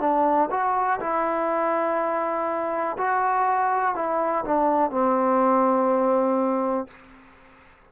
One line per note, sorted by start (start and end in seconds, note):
0.00 0.49 D4
0.51 1.00 F#4
1.00 2.96 E4
2.97 3.95 F#4
3.95 4.44 E4
4.45 4.90 D4
4.90 6.87 C4